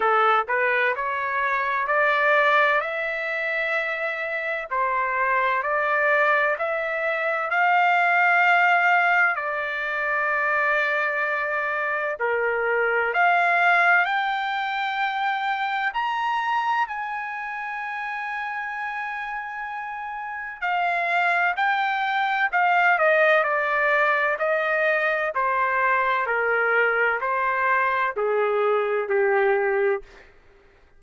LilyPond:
\new Staff \with { instrumentName = "trumpet" } { \time 4/4 \tempo 4 = 64 a'8 b'8 cis''4 d''4 e''4~ | e''4 c''4 d''4 e''4 | f''2 d''2~ | d''4 ais'4 f''4 g''4~ |
g''4 ais''4 gis''2~ | gis''2 f''4 g''4 | f''8 dis''8 d''4 dis''4 c''4 | ais'4 c''4 gis'4 g'4 | }